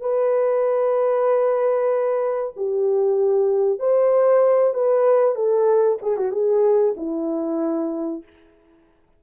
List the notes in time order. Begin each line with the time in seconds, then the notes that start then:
0.00 B4
2.56 G4
3.79 C5
4.73 B4
5.35 A4
6.02 G#4
6.17 F#4
6.31 G#4
6.96 E4